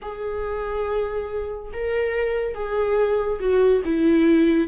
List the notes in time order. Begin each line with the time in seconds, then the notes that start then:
0.01 G#4
1.73 A#4
2.54 G#4
3.39 F#4
3.84 E4